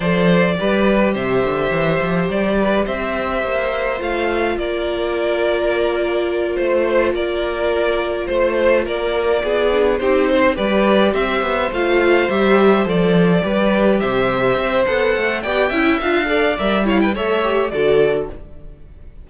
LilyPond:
<<
  \new Staff \with { instrumentName = "violin" } { \time 4/4 \tempo 4 = 105 d''2 e''2 | d''4 e''2 f''4 | d''2.~ d''8 c''8~ | c''8 d''2 c''4 d''8~ |
d''4. c''4 d''4 e''8~ | e''8 f''4 e''4 d''4.~ | d''8 e''4. fis''4 g''4 | f''4 e''8 f''16 g''16 e''4 d''4 | }
  \new Staff \with { instrumentName = "violin" } { \time 4/4 c''4 b'4 c''2~ | c''8 b'8 c''2. | ais'2.~ ais'8 c''8~ | c''8 ais'2 c''4 ais'8~ |
ais'8 gis'4 g'8 c''8 b'4 c''8~ | c''2.~ c''8 b'8~ | b'8 c''2~ c''8 d''8 e''8~ | e''8 d''4 cis''16 b'16 cis''4 a'4 | }
  \new Staff \with { instrumentName = "viola" } { \time 4/4 a'4 g'2.~ | g'2. f'4~ | f'1~ | f'1~ |
f'4 d'8 dis'4 g'4.~ | g'8 f'4 g'4 a'4 g'8~ | g'2 a'4 g'8 e'8 | f'8 a'8 ais'8 e'8 a'8 g'8 fis'4 | }
  \new Staff \with { instrumentName = "cello" } { \time 4/4 f4 g4 c8 d8 e8 f8 | g4 c'4 ais4 a4 | ais2.~ ais8 a8~ | a8 ais2 a4 ais8~ |
ais8 b4 c'4 g4 c'8 | b8 a4 g4 f4 g8~ | g8 c4 c'8 b8 a8 b8 cis'8 | d'4 g4 a4 d4 | }
>>